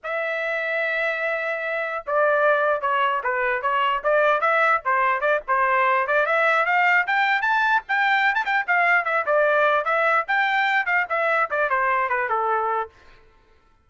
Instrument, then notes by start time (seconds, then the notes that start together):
trumpet
0.03 E5
2.06 D5
2.81 C#5
3.23 B4
3.62 C#5
4.03 D5
4.41 E5
4.84 C5
5.20 D5
5.47 C5
6.07 D5
6.25 E5
6.65 F5
7.07 G5
7.41 A5
7.88 G5
8.34 A5
8.45 G5
8.67 F5
9.05 E5
9.26 D5
9.84 E5
10.27 G5
10.85 F5
11.09 E5
11.50 D5
11.69 C5
12.09 B4
12.29 A4